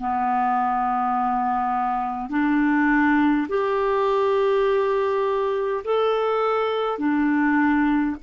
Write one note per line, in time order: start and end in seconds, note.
0.00 2.30 B3
2.30 3.48 D4
3.49 5.84 G4
5.84 6.98 A4
6.98 8.16 D4